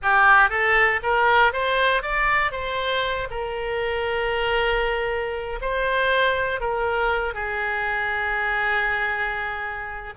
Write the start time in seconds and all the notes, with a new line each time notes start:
0.02 G4
0.49 A4
1.03 A#4
1.53 C5
2.02 D5
2.51 C5
3.30 A#4
5.61 C5
6.60 A#4
7.34 G#4